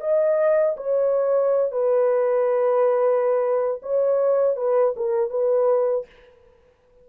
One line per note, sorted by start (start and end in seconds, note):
0.00 0.76 D#5
0.77 1.72 C#5
1.72 3.80 B4
3.83 4.56 C#5
4.56 4.94 B4
4.96 5.30 A#4
5.30 6.06 B4